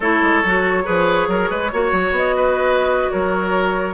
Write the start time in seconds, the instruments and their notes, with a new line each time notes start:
0.00 bassoon A3, clarinet E4, oboe A4, flute C#5
0.22 bassoon G#3
0.43 bassoon F#3, clarinet F#4
0.84 bassoon F3, clarinet G#4, oboe B4
1.27 bassoon F#3, oboe A#4
1.49 bassoon G#3, oboe B4
1.72 bassoon A#3, clarinet F#4, oboe C#5
1.92 bassoon F#3
2.11 bassoon B3, flute D#5
2.36 oboe B4
3.10 bassoon F#3, oboe A#4, flute C#5